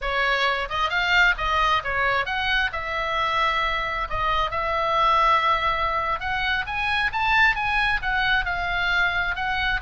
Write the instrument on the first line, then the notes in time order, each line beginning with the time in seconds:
oboe
0.01 C#5
0.69 D#5
0.89 F5
1.37 D#5
1.84 C#5
2.25 F#5
2.72 E5
4.09 D#5
4.51 E5
6.20 F#5
6.66 G#5
7.12 A5
7.55 G#5
8.02 F#5
8.45 F5
9.35 F#5